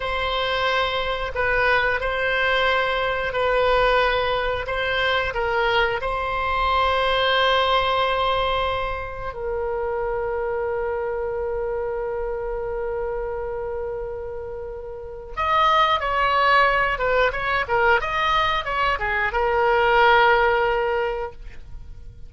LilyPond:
\new Staff \with { instrumentName = "oboe" } { \time 4/4 \tempo 4 = 90 c''2 b'4 c''4~ | c''4 b'2 c''4 | ais'4 c''2.~ | c''2 ais'2~ |
ais'1~ | ais'2. dis''4 | cis''4. b'8 cis''8 ais'8 dis''4 | cis''8 gis'8 ais'2. | }